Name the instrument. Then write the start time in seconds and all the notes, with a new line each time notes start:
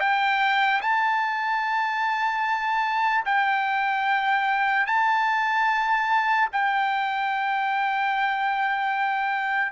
trumpet
0.00 G5
0.81 A5
3.25 G5
4.87 A5
6.52 G5